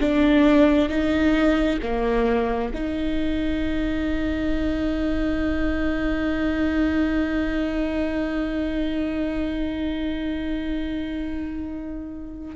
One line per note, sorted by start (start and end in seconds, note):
0.00 0.90 D4
0.90 1.79 D#4
1.83 2.72 A#3
2.74 12.56 D#4